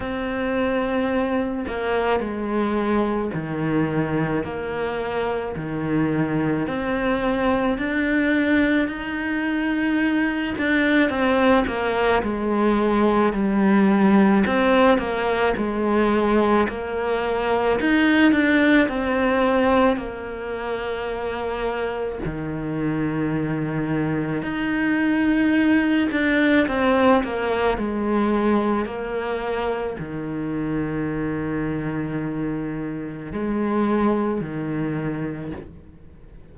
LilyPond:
\new Staff \with { instrumentName = "cello" } { \time 4/4 \tempo 4 = 54 c'4. ais8 gis4 dis4 | ais4 dis4 c'4 d'4 | dis'4. d'8 c'8 ais8 gis4 | g4 c'8 ais8 gis4 ais4 |
dis'8 d'8 c'4 ais2 | dis2 dis'4. d'8 | c'8 ais8 gis4 ais4 dis4~ | dis2 gis4 dis4 | }